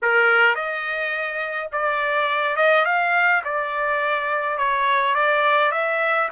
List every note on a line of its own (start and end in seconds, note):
0.02 0.55 A#4
0.55 1.69 D#5
1.72 2.56 D5
2.56 2.85 D#5
2.85 3.42 F5
3.44 4.58 D5
4.58 5.14 C#5
5.14 5.71 D5
5.71 6.28 E5